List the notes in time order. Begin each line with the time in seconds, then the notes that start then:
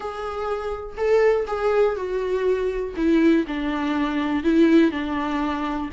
0.00 G#4
0.97 A4
1.47 G#4
1.95 F#4
2.96 E4
3.47 D4
4.43 E4
4.91 D4